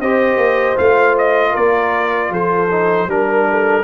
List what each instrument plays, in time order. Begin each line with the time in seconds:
0.00 tuba C4, trombone G4, horn C5, trumpet D#5
0.37 tuba A#3
0.76 tuba A3, trombone F4, trumpet F5
1.18 trumpet D#5
1.51 tuba A#3, horn A#4, trumpet D5
2.30 tuba F3, horn A4, trumpet C5
2.71 trombone D#4
3.07 tuba G3, trombone D4, horn A#4, trumpet A#4
3.50 horn A4